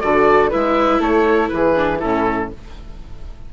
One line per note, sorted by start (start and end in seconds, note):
0.00 0.52 D3
0.00 0.50 F#4
0.00 0.49 A4
0.00 0.50 D5
0.49 1.00 G#3
0.49 1.74 E4
0.49 0.99 B4
0.49 1.02 E5
0.99 1.49 A3
0.99 1.49 A4
0.99 1.48 C#5
1.48 2.02 E3
1.48 1.99 G#4
1.48 1.98 B4
1.75 2.00 D4
1.99 2.52 A2
1.99 2.53 C#4
1.99 2.49 E4
1.99 2.49 A4